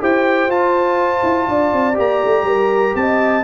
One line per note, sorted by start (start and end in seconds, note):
0.00 0.48 E4
0.00 0.49 G4
0.00 1.48 C5
0.00 0.51 G5
0.48 1.22 F4
0.48 1.94 F4
0.48 1.98 A5
1.23 1.48 E4
1.48 1.73 D4
1.48 2.47 D5
1.73 1.98 C4
1.94 2.23 A#3
1.94 3.42 G4
1.94 2.96 A#5
2.25 2.43 A3
2.43 2.92 G3
2.43 2.96 A#4
2.95 3.44 C4
2.95 3.44 D#5
2.95 3.44 A5